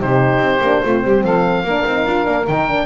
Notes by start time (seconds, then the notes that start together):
0.00 C3 D#4 G4 C5
0.38 C4
0.61 A#3 D4
0.83 A3 C4 F4
1.04 G3 G4
1.23 F3 A4 F5
1.63 A#3 D4 A#4
1.86 C4 D#4
2.06 D4 F4
2.25 A#3 D4
2.47 D#3 D#4 G5
2.68 D4